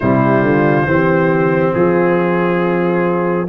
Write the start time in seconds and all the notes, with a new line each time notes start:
0.00 C3 G3 E4 C5
0.42 D3 F4
0.86 E3 C4 G4
1.73 F3 F4 G#4